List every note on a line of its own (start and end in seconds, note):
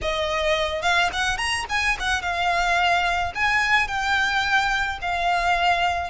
0.01 0.82 D#5
0.82 1.10 F5
1.12 1.37 F#5
1.37 1.65 A#5
1.69 1.97 G#5
1.99 2.21 F#5
2.21 3.33 F5
3.34 3.87 G#5
3.87 4.98 G5
5.01 6.10 F5